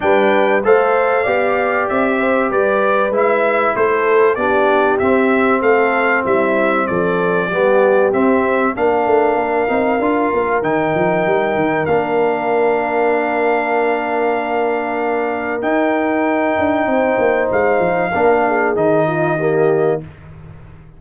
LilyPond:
<<
  \new Staff \with { instrumentName = "trumpet" } { \time 4/4 \tempo 4 = 96 g''4 f''2 e''4 | d''4 e''4 c''4 d''4 | e''4 f''4 e''4 d''4~ | d''4 e''4 f''2~ |
f''4 g''2 f''4~ | f''1~ | f''4 g''2. | f''2 dis''2 | }
  \new Staff \with { instrumentName = "horn" } { \time 4/4 b'4 c''4 d''4. c''8 | b'2 a'4 g'4~ | g'4 a'4 e'4 a'4 | g'2 ais'2~ |
ais'1~ | ais'1~ | ais'2. c''4~ | c''4 ais'8 gis'4 f'8 g'4 | }
  \new Staff \with { instrumentName = "trombone" } { \time 4/4 d'4 a'4 g'2~ | g'4 e'2 d'4 | c'1 | b4 c'4 d'4. dis'8 |
f'4 dis'2 d'4~ | d'1~ | d'4 dis'2.~ | dis'4 d'4 dis'4 ais4 | }
  \new Staff \with { instrumentName = "tuba" } { \time 4/4 g4 a4 b4 c'4 | g4 gis4 a4 b4 | c'4 a4 g4 f4 | g4 c'4 ais8 a8 ais8 c'8 |
d'8 ais8 dis8 f8 g8 dis8 ais4~ | ais1~ | ais4 dis'4. d'8 c'8 ais8 | gis8 f8 ais4 dis2 | }
>>